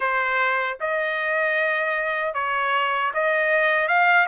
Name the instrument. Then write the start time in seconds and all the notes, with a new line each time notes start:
trumpet
0.00 C5
0.80 D#5
2.34 C#5
3.13 D#5
3.87 F5